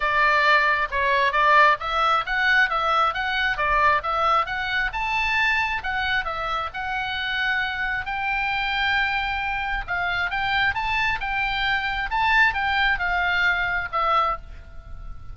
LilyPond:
\new Staff \with { instrumentName = "oboe" } { \time 4/4 \tempo 4 = 134 d''2 cis''4 d''4 | e''4 fis''4 e''4 fis''4 | d''4 e''4 fis''4 a''4~ | a''4 fis''4 e''4 fis''4~ |
fis''2 g''2~ | g''2 f''4 g''4 | a''4 g''2 a''4 | g''4 f''2 e''4 | }